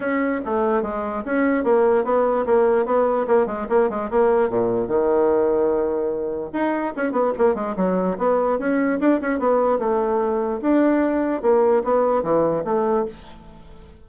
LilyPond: \new Staff \with { instrumentName = "bassoon" } { \time 4/4 \tempo 4 = 147 cis'4 a4 gis4 cis'4 | ais4 b4 ais4 b4 | ais8 gis8 ais8 gis8 ais4 ais,4 | dis1 |
dis'4 cis'8 b8 ais8 gis8 fis4 | b4 cis'4 d'8 cis'8 b4 | a2 d'2 | ais4 b4 e4 a4 | }